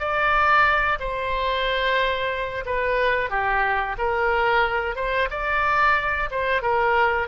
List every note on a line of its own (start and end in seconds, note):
0.00 0.99 D5
1.00 2.65 C5
2.66 3.31 B4
3.31 3.97 G4
3.98 4.96 A#4
4.96 5.29 C5
5.31 6.30 D5
6.31 6.62 C5
6.62 7.28 A#4